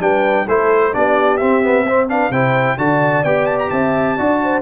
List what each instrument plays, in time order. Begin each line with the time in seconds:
0.00 tuba G3, trombone D4, horn B4, trumpet G5
0.47 tuba A3, trombone E4, horn A4, trumpet C5
0.93 tuba B3, trombone D4, horn G4, trumpet D5
1.37 trombone C4, tuba C4, trumpet E5
1.63 trombone B3
1.85 trombone C4, horn C5
2.09 trombone D4, horn B4, trumpet F5
2.30 tuba C3, trombone E4, horn C5, trumpet G5
2.78 tuba D3, trombone F#4, horn D5, trumpet A5
3.24 tuba B3, trombone G4, trumpet G5
3.46 trumpet A5
3.59 trumpet A#5
3.70 tuba C4, horn E5, trumpet A5
4.17 tuba D4, trombone F#4, horn D5
4.43 horn C5